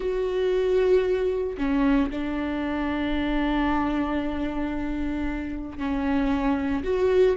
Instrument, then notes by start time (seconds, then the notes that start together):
viola
0.00 F#4
1.57 C#4
2.10 D4
5.78 C#4
6.83 F#4